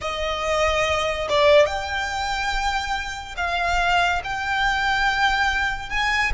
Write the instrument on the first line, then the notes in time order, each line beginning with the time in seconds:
violin
0.01 D#5
1.29 D5
1.66 G5
3.36 F5
4.24 G5
5.89 G#5